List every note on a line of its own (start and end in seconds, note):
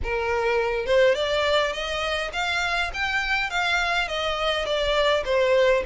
0.03 0.86 A#4
0.86 1.15 C5
1.15 1.72 D5
1.72 2.31 D#5
2.32 2.91 F5
2.93 3.50 G5
3.50 4.08 F5
4.08 4.65 D#5
4.65 5.23 D5
5.25 5.83 C5